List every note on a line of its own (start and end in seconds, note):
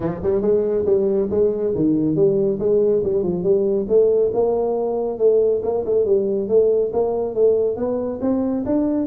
0.00 0.21 F3
0.22 0.41 G3
0.41 0.84 G#3
0.85 1.28 G3
1.30 1.73 G#3
1.75 2.15 D#3
2.15 2.58 G3
2.59 3.02 G#3
3.03 3.23 G3
3.23 3.43 F3
3.43 3.86 G3
3.88 4.31 A3
4.33 5.18 A#3
5.18 5.61 A3
5.63 5.84 A#3
5.85 6.05 A3
6.05 6.48 G3
6.48 6.91 A3
6.92 7.34 A#3
7.34 7.76 A3
7.76 8.19 B3
8.21 8.64 C4
8.65 9.06 D4